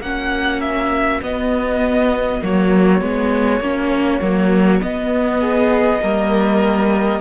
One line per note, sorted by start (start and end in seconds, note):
0.00 1.21 A#3
0.00 1.23 C#4
0.00 5.40 F#4
0.00 0.61 F#5
0.61 1.21 E5
1.22 2.42 B3
1.22 2.44 D#5
2.42 3.01 F#3
2.42 3.01 A#3
2.42 4.82 C#5
3.01 3.60 G#3
3.01 3.61 B3
3.60 4.21 A#3
3.60 4.22 C#4
4.22 4.82 F#3
4.22 4.81 A#3
4.81 6.01 B3
4.81 6.03 B3
4.81 7.21 D#5
5.40 6.00 G#4
6.03 7.21 G3
6.03 7.21 A#3
6.03 7.21 A#4